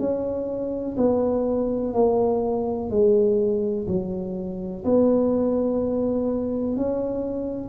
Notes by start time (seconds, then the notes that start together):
0.00 C#4
0.98 B3
1.94 A#3
2.91 G#3
3.88 F#3
4.85 B3
6.77 C#4